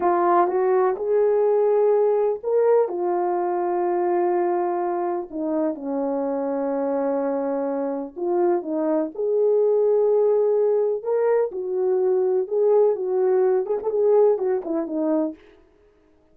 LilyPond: \new Staff \with { instrumentName = "horn" } { \time 4/4 \tempo 4 = 125 f'4 fis'4 gis'2~ | gis'4 ais'4 f'2~ | f'2. dis'4 | cis'1~ |
cis'4 f'4 dis'4 gis'4~ | gis'2. ais'4 | fis'2 gis'4 fis'4~ | fis'8 gis'16 a'16 gis'4 fis'8 e'8 dis'4 | }